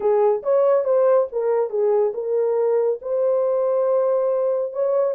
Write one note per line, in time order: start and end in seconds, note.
0.00 0.42 G#4
0.43 0.84 C#5
0.84 1.27 C5
1.32 1.70 A#4
1.70 2.13 G#4
2.14 2.99 A#4
3.01 4.73 C5
4.73 5.14 C#5